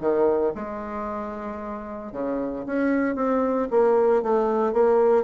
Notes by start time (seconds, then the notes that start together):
0.00 D#3
0.55 G#3
2.12 C#3
2.66 C#4
3.15 C4
3.71 A#3
4.22 A3
4.73 A#3